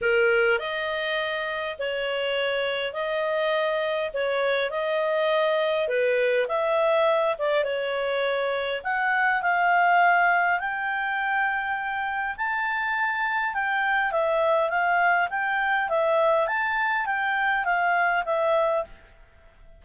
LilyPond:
\new Staff \with { instrumentName = "clarinet" } { \time 4/4 \tempo 4 = 102 ais'4 dis''2 cis''4~ | cis''4 dis''2 cis''4 | dis''2 b'4 e''4~ | e''8 d''8 cis''2 fis''4 |
f''2 g''2~ | g''4 a''2 g''4 | e''4 f''4 g''4 e''4 | a''4 g''4 f''4 e''4 | }